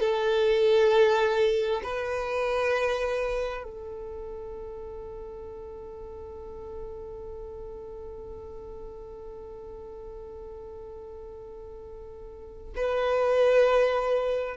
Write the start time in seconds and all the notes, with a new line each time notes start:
0.00 A4
1.83 B4
3.64 A4
12.76 B4